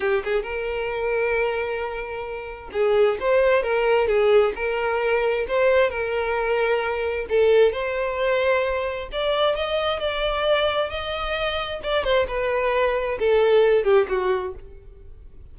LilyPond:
\new Staff \with { instrumentName = "violin" } { \time 4/4 \tempo 4 = 132 g'8 gis'8 ais'2.~ | ais'2 gis'4 c''4 | ais'4 gis'4 ais'2 | c''4 ais'2. |
a'4 c''2. | d''4 dis''4 d''2 | dis''2 d''8 c''8 b'4~ | b'4 a'4. g'8 fis'4 | }